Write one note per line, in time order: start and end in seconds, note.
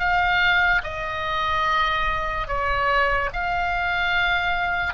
0.00 0.82 F5
0.84 2.48 D#5
2.48 3.30 C#5
3.34 4.94 F5